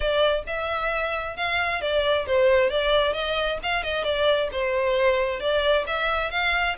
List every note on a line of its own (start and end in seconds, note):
0.00 0.43 D5
0.46 1.36 E5
1.36 1.81 F5
1.81 2.26 D5
2.26 2.69 C5
2.69 3.13 D5
3.13 3.58 D#5
3.63 3.83 F5
3.83 4.04 D#5
4.04 4.49 D5
4.51 5.40 C5
5.40 5.85 D5
5.86 6.30 E5
6.30 6.75 F5